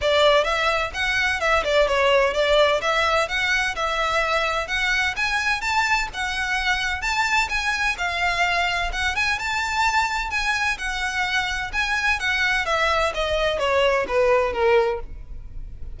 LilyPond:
\new Staff \with { instrumentName = "violin" } { \time 4/4 \tempo 4 = 128 d''4 e''4 fis''4 e''8 d''8 | cis''4 d''4 e''4 fis''4 | e''2 fis''4 gis''4 | a''4 fis''2 a''4 |
gis''4 f''2 fis''8 gis''8 | a''2 gis''4 fis''4~ | fis''4 gis''4 fis''4 e''4 | dis''4 cis''4 b'4 ais'4 | }